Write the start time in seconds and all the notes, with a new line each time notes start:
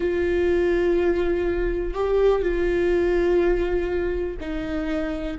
0.00 F4
1.94 G4
2.41 F4
4.40 D#4